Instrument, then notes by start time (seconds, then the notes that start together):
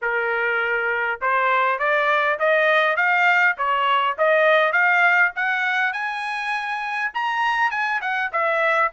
trumpet
0.01 A#4
1.21 C5
1.78 D5
2.39 D#5
2.96 F5
3.57 C#5
4.18 D#5
4.72 F5
5.35 F#5
5.92 G#5
7.14 A#5
7.70 G#5
8.01 F#5
8.32 E5